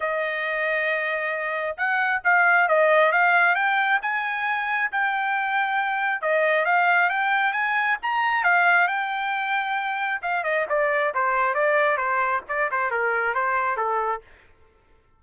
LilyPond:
\new Staff \with { instrumentName = "trumpet" } { \time 4/4 \tempo 4 = 135 dis''1 | fis''4 f''4 dis''4 f''4 | g''4 gis''2 g''4~ | g''2 dis''4 f''4 |
g''4 gis''4 ais''4 f''4 | g''2. f''8 dis''8 | d''4 c''4 d''4 c''4 | d''8 c''8 ais'4 c''4 a'4 | }